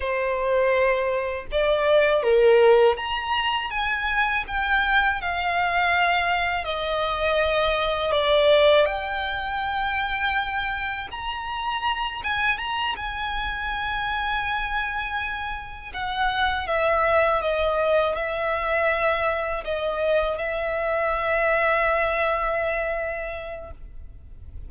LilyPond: \new Staff \with { instrumentName = "violin" } { \time 4/4 \tempo 4 = 81 c''2 d''4 ais'4 | ais''4 gis''4 g''4 f''4~ | f''4 dis''2 d''4 | g''2. ais''4~ |
ais''8 gis''8 ais''8 gis''2~ gis''8~ | gis''4. fis''4 e''4 dis''8~ | dis''8 e''2 dis''4 e''8~ | e''1 | }